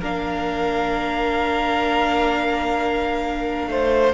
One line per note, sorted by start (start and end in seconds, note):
0.00 3.67 A#3
0.00 4.14 D4
0.00 3.69 A#4
0.00 4.14 F5
3.67 4.13 A3
3.67 4.14 C5